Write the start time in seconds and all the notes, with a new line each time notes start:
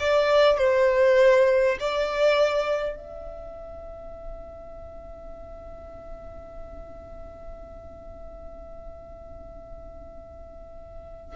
0.00 D5
0.58 C5
1.80 D5
2.96 E5